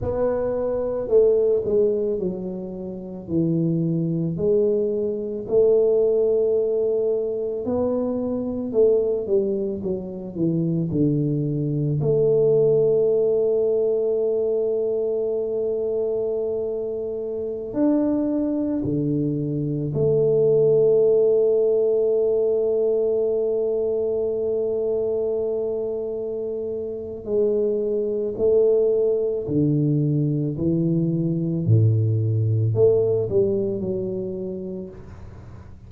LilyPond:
\new Staff \with { instrumentName = "tuba" } { \time 4/4 \tempo 4 = 55 b4 a8 gis8 fis4 e4 | gis4 a2 b4 | a8 g8 fis8 e8 d4 a4~ | a1~ |
a16 d'4 d4 a4.~ a16~ | a1~ | a4 gis4 a4 d4 | e4 a,4 a8 g8 fis4 | }